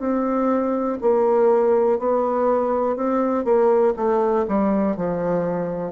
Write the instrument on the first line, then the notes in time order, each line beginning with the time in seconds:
bassoon
0.00 C4
1.01 A#3
1.99 B3
2.96 C4
3.45 A#3
3.97 A3
4.48 G3
4.97 F3